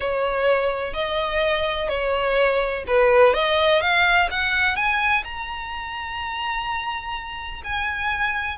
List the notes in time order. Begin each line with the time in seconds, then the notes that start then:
0.00 C#5
0.93 D#5
1.88 C#5
2.87 B4
3.33 D#5
3.81 F5
4.31 F#5
4.76 G#5
5.24 A#5
7.63 G#5